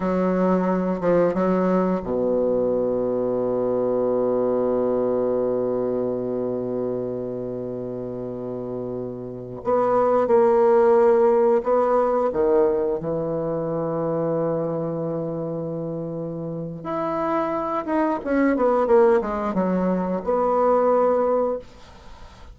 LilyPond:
\new Staff \with { instrumentName = "bassoon" } { \time 4/4 \tempo 4 = 89 fis4. f8 fis4 b,4~ | b,1~ | b,1~ | b,2~ b,16 b4 ais8.~ |
ais4~ ais16 b4 dis4 e8.~ | e1~ | e4 e'4. dis'8 cis'8 b8 | ais8 gis8 fis4 b2 | }